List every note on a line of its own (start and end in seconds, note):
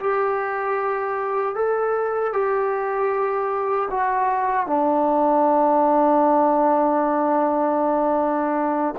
0.00 1.55 G4
1.55 2.33 A4
2.33 3.89 G4
3.91 4.67 F#4
4.67 8.95 D4